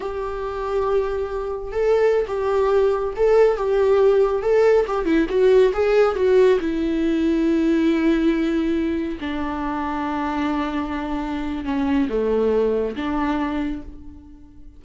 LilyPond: \new Staff \with { instrumentName = "viola" } { \time 4/4 \tempo 4 = 139 g'1 | a'4~ a'16 g'2 a'8.~ | a'16 g'2 a'4 g'8 e'16~ | e'16 fis'4 gis'4 fis'4 e'8.~ |
e'1~ | e'4~ e'16 d'2~ d'8.~ | d'2. cis'4 | a2 d'2 | }